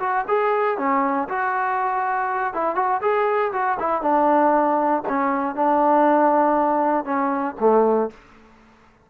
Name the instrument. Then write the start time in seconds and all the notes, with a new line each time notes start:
trombone
0.00 F#4
0.28 G#4
0.78 C#4
1.29 F#4
2.54 E4
2.76 F#4
3.02 G#4
3.53 F#4
3.80 E4
4.02 D4
5.09 C#4
5.56 D4
7.05 C#4
7.60 A3